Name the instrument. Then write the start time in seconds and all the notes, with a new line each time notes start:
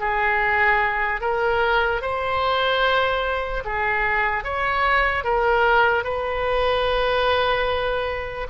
oboe
0.00 G#4
1.21 A#4
2.02 C5
3.65 G#4
4.44 C#5
5.24 A#4
6.04 B4